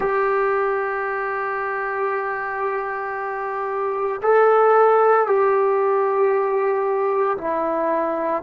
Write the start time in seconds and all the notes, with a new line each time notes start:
0.00 G4
4.22 A4
5.26 G4
7.37 E4